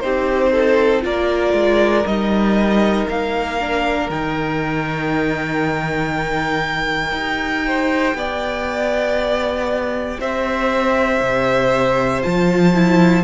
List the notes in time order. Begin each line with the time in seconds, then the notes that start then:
0.00 C4 D#4 G4 C5
0.52 A4
1.02 A#3 F4 A#4 D5
1.53 G#3
2.06 G3 D#4 D#5
3.08 A#3 F5
3.60 D4
4.09 D#3 D#4 G5
7.11 D#4 G4
7.66 C5
8.14 B3 D5
10.20 C4 C5 E5
11.21 C3
12.23 F3 F4 A5
12.74 E4